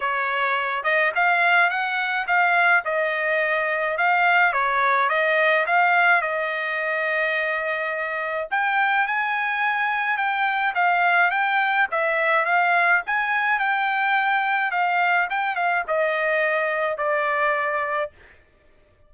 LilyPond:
\new Staff \with { instrumentName = "trumpet" } { \time 4/4 \tempo 4 = 106 cis''4. dis''8 f''4 fis''4 | f''4 dis''2 f''4 | cis''4 dis''4 f''4 dis''4~ | dis''2. g''4 |
gis''2 g''4 f''4 | g''4 e''4 f''4 gis''4 | g''2 f''4 g''8 f''8 | dis''2 d''2 | }